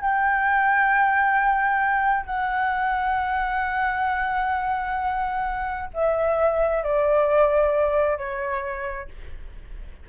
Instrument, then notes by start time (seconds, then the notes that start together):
flute
0.00 G5
2.26 F#5
5.94 E5
6.83 D5
8.17 C#5